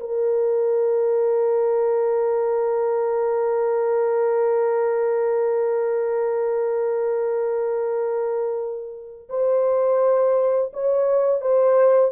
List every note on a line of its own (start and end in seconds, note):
0.00 9.29 A#4
9.29 10.72 C5
10.73 11.42 C#5
11.42 12.12 C5